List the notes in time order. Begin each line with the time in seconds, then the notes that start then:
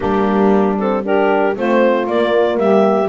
0.00 G3 A#3 D4 G4
0.78 C4 A4
1.03 D4 G4 A#4
1.56 A3 C4 F4 C5
2.06 A#3 D5
2.57 G3 G4 E5